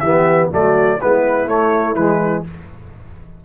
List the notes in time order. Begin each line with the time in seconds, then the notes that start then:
0.00 E3 B3 G4 E5
0.51 F#3 A3 F#4 D5
0.99 G#3 B3 E4 B4
1.47 A3 C#5
1.95 E3 G#3 B4